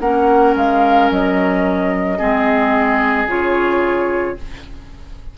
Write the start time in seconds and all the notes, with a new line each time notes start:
0.00 A#3 C#4 A#4 F#5
0.56 G#3 F5
1.11 F#3 D#5
2.18 G#3 C4 G#4
3.25 C#3 F4 C#5